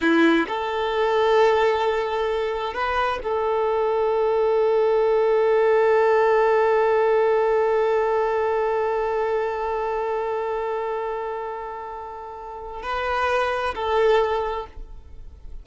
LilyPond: \new Staff \with { instrumentName = "violin" } { \time 4/4 \tempo 4 = 131 e'4 a'2.~ | a'2 b'4 a'4~ | a'1~ | a'1~ |
a'1~ | a'1~ | a'1 | b'2 a'2 | }